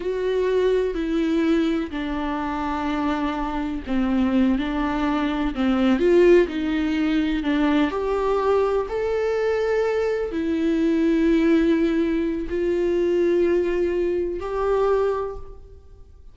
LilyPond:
\new Staff \with { instrumentName = "viola" } { \time 4/4 \tempo 4 = 125 fis'2 e'2 | d'1 | c'4. d'2 c'8~ | c'8 f'4 dis'2 d'8~ |
d'8 g'2 a'4.~ | a'4. e'2~ e'8~ | e'2 f'2~ | f'2 g'2 | }